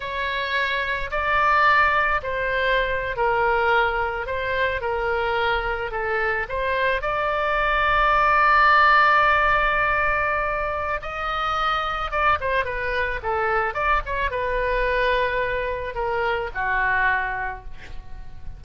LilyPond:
\new Staff \with { instrumentName = "oboe" } { \time 4/4 \tempo 4 = 109 cis''2 d''2 | c''4.~ c''16 ais'2 c''16~ | c''8. ais'2 a'4 c''16~ | c''8. d''2.~ d''16~ |
d''1 | dis''2 d''8 c''8 b'4 | a'4 d''8 cis''8 b'2~ | b'4 ais'4 fis'2 | }